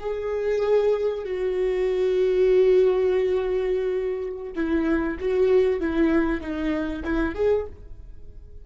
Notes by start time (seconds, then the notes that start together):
0.00 G#4
1.25 F#4
4.56 E4
5.20 F#4
5.81 E4
6.41 D#4
7.05 E4
7.35 G#4